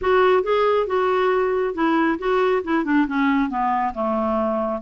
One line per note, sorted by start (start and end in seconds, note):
0.01 0.43 F#4
0.43 0.86 G#4
0.86 1.74 F#4
1.74 2.18 E4
2.18 2.62 F#4
2.64 2.84 E4
2.84 3.06 D4
3.07 3.49 C#4
3.49 3.93 B3
3.94 4.81 A3